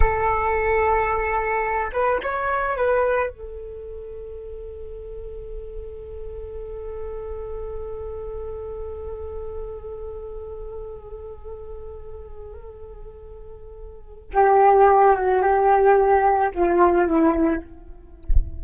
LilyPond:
\new Staff \with { instrumentName = "flute" } { \time 4/4 \tempo 4 = 109 a'2.~ a'8 b'8 | cis''4 b'4 a'2~ | a'1~ | a'1~ |
a'1~ | a'1~ | a'2 g'4. fis'8 | g'2 f'4 e'4 | }